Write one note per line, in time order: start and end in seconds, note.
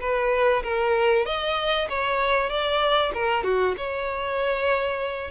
0.00 0.62 B4
0.63 1.25 A#4
1.25 1.88 D#5
1.89 2.49 C#5
2.49 3.12 D5
3.14 3.43 A#4
3.43 3.75 F#4
3.77 5.30 C#5